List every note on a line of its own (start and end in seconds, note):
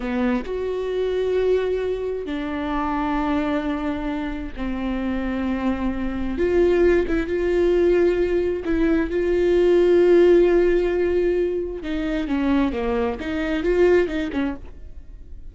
0.00 0.44 B3
0.44 2.25 F#4
2.25 4.52 D4
4.56 6.38 C4
6.38 7.06 F4
7.07 7.26 E4
7.26 8.63 F4
8.65 9.10 E4
9.10 11.82 F4
11.82 12.27 D#4
12.27 12.72 C#4
12.72 13.18 A#3
13.19 13.63 D#4
13.63 14.07 F4
14.07 14.30 D#4
14.32 14.55 C#4